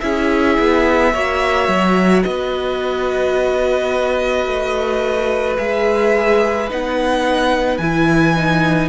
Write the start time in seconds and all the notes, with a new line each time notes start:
0.00 C#4 E4 G#4 E5
0.59 B3
1.13 A#3 F#4 C#5
1.68 F#3
2.23 B3 B4 D#5
4.46 A3
5.57 G#3 G#4 E5
6.69 B3 D#4 F#5
7.78 E3 E4 G#5
8.36 D#4